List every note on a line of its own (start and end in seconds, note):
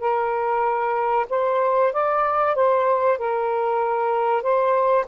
0.00 1.26 A#4
1.29 1.93 C5
1.93 2.56 D5
2.56 3.18 C5
3.18 4.42 A#4
4.42 5.06 C5